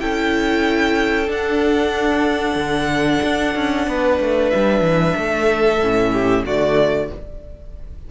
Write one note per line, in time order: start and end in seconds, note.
0.00 1.29 C#4
0.00 1.26 E4
0.00 3.88 A4
0.00 1.29 G5
1.26 5.78 D4
1.26 2.55 D4
1.26 4.50 F#5
2.55 3.20 D3
3.23 3.55 D4
3.55 3.87 C#4
3.87 4.19 B3
3.87 5.16 B4
4.21 4.53 A3
4.50 4.81 G3
4.50 6.43 E5
4.81 5.13 E3
5.16 5.80 A3
5.16 6.12 A4
5.80 6.44 A2
5.80 6.47 C#4
6.12 6.44 G4
6.45 7.10 D3
6.45 7.11 A3
6.45 7.09 F#4
6.45 7.11 D5